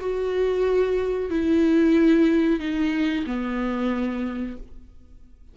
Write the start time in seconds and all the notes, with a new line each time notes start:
0.00 F#4
1.30 E4
2.59 D#4
3.26 B3